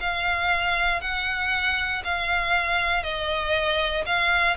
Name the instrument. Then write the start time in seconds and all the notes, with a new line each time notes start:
violin
0.00 F5
1.01 F#5
2.04 F5
3.03 D#5
4.05 F5